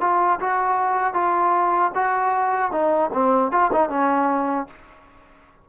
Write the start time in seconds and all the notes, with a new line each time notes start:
0.00 F4
0.39 F#4
1.13 F4
1.94 F#4
2.71 D#4
3.13 C4
3.51 F4
3.72 D#4
3.89 C#4